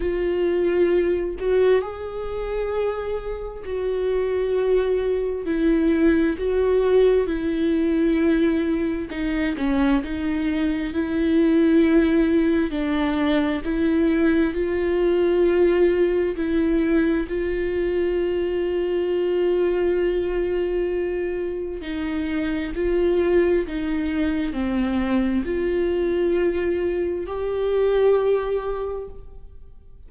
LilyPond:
\new Staff \with { instrumentName = "viola" } { \time 4/4 \tempo 4 = 66 f'4. fis'8 gis'2 | fis'2 e'4 fis'4 | e'2 dis'8 cis'8 dis'4 | e'2 d'4 e'4 |
f'2 e'4 f'4~ | f'1 | dis'4 f'4 dis'4 c'4 | f'2 g'2 | }